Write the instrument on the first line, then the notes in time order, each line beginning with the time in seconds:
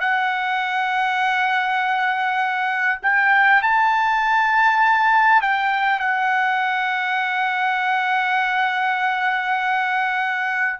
trumpet
0.00 F#5
3.02 G5
3.62 A5
5.41 G5
5.99 F#5